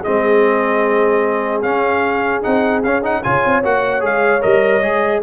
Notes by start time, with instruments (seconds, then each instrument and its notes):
0.00 trombone C4, horn G#4, trumpet D#5
0.07 tuba G#3
1.62 tuba C#4, trombone C#4, trumpet F5
2.42 tuba C4, trombone D#4, trumpet F#5
2.83 tuba C#4, trombone C#4, trumpet F5
3.02 trombone D#4, trumpet F#5
3.23 tuba C#3, trombone F4, horn C#5, trumpet G#5
3.45 tuba C4
3.63 tuba A#3, trombone F#4, trumpet F#5
4.00 tuba G#3, trombone G#4, trumpet F5
4.41 tuba G3, trombone A#4, trumpet D#5
4.81 tuba G#3, trombone G#4